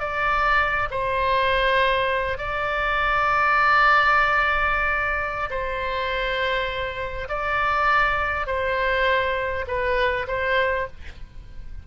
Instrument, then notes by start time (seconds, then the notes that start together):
oboe
0.00 D5
0.91 C5
2.38 D5
5.50 C5
7.29 D5
8.47 C5
9.68 B4
10.28 C5